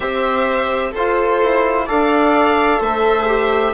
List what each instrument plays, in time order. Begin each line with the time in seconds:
0.00 bassoon C4, trombone G4, viola C5, violin E5
0.91 bassoon F4, trombone F4, viola A4, violin C5
1.42 bassoon E4
1.86 bassoon D4, trombone A4, viola D5, violin F5
2.80 bassoon A3, viola C5, violin E5
3.27 trombone G4